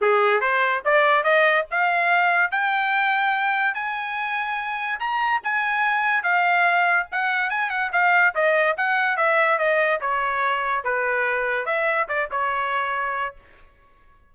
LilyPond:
\new Staff \with { instrumentName = "trumpet" } { \time 4/4 \tempo 4 = 144 gis'4 c''4 d''4 dis''4 | f''2 g''2~ | g''4 gis''2. | ais''4 gis''2 f''4~ |
f''4 fis''4 gis''8 fis''8 f''4 | dis''4 fis''4 e''4 dis''4 | cis''2 b'2 | e''4 d''8 cis''2~ cis''8 | }